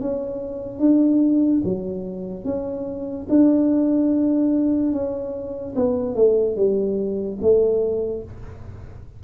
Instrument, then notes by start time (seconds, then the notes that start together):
tuba
0.00 C#4
0.79 D4
1.64 F#3
2.44 C#4
3.29 D4
4.92 C#4
5.75 B3
6.15 A3
6.56 G3
7.41 A3